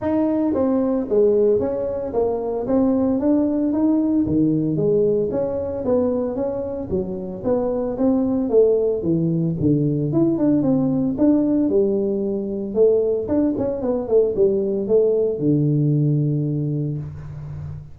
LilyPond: \new Staff \with { instrumentName = "tuba" } { \time 4/4 \tempo 4 = 113 dis'4 c'4 gis4 cis'4 | ais4 c'4 d'4 dis'4 | dis4 gis4 cis'4 b4 | cis'4 fis4 b4 c'4 |
a4 e4 d4 e'8 d'8 | c'4 d'4 g2 | a4 d'8 cis'8 b8 a8 g4 | a4 d2. | }